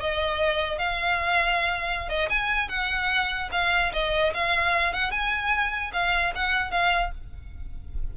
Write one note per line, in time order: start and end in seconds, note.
0.00 0.79 D#5
0.79 2.09 F5
2.09 2.30 D#5
2.30 2.69 G#5
2.69 3.50 F#5
3.52 3.93 F5
3.93 4.34 D#5
4.34 4.93 F5
4.93 5.11 F#5
5.11 5.92 G#5
5.93 6.34 F5
6.35 6.71 F#5
6.71 7.12 F5